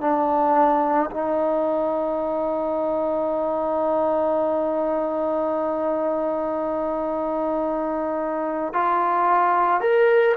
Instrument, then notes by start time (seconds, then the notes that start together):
trombone
0.00 D4
1.10 D#4
8.73 F4
9.80 A#4